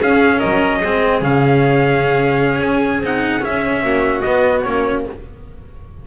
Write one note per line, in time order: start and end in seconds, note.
0.00 0.41 C#4
0.00 0.83 C#4
0.00 0.39 G#4
0.00 0.40 F5
0.39 0.84 F#3
0.39 0.79 A#4
0.39 1.20 D#5
0.80 1.22 G#3
0.80 1.22 C4
0.80 3.82 G#4
1.22 2.60 C#3
1.22 3.04 C#4
1.22 2.62 F5
2.60 3.01 C#4
2.60 3.02 G#5
3.01 3.41 C4
3.01 3.41 D#4
3.01 3.45 F#5
3.41 4.22 C#4
3.41 3.83 C#4
3.41 4.21 E5
3.83 4.24 A#3
3.83 5.05 F#4
4.21 4.65 B3
4.21 4.62 D#5
4.63 5.07 A#3
4.63 5.06 C#4
4.63 5.03 C#5